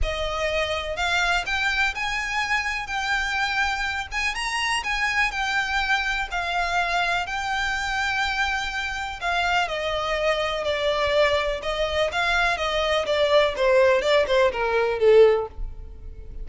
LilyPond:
\new Staff \with { instrumentName = "violin" } { \time 4/4 \tempo 4 = 124 dis''2 f''4 g''4 | gis''2 g''2~ | g''8 gis''8 ais''4 gis''4 g''4~ | g''4 f''2 g''4~ |
g''2. f''4 | dis''2 d''2 | dis''4 f''4 dis''4 d''4 | c''4 d''8 c''8 ais'4 a'4 | }